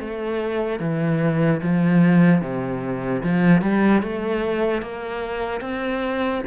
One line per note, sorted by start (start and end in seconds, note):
0.00 0.80 A3
0.80 1.61 E3
1.62 2.41 F3
2.41 3.22 C3
3.23 3.62 F3
3.62 4.02 G3
4.02 4.82 A3
4.82 5.61 A#3
5.61 6.42 C4